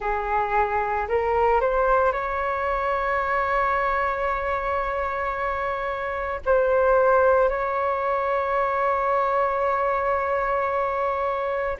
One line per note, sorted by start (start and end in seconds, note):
0.00 1.07 G#4
1.08 1.60 A#4
1.60 2.12 C5
2.12 6.40 C#5
6.45 7.49 C5
7.49 11.77 C#5